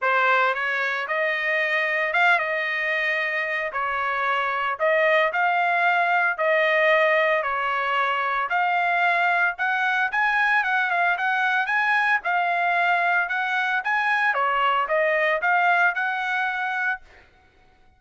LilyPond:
\new Staff \with { instrumentName = "trumpet" } { \time 4/4 \tempo 4 = 113 c''4 cis''4 dis''2 | f''8 dis''2~ dis''8 cis''4~ | cis''4 dis''4 f''2 | dis''2 cis''2 |
f''2 fis''4 gis''4 | fis''8 f''8 fis''4 gis''4 f''4~ | f''4 fis''4 gis''4 cis''4 | dis''4 f''4 fis''2 | }